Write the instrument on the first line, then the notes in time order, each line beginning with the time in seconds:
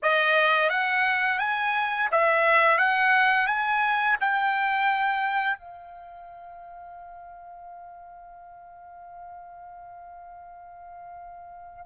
trumpet
0.02 D#5
0.69 F#5
1.39 G#5
2.11 E5
2.77 F#5
3.46 G#5
4.20 G5
5.58 F5